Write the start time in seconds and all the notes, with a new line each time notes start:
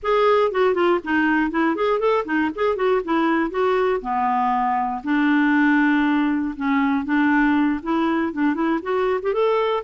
0.03 G#4
0.51 F#4
0.74 F4
1.03 D#4
1.50 E4
1.75 G#4
1.99 A4
2.25 D#4
2.55 G#4
2.75 F#4
3.04 E4
3.50 F#4
4.01 B3
5.03 D4
6.55 C#4
7.04 D4
7.83 E4
8.33 D4
8.54 E4
8.82 F#4
9.22 G4
9.33 A4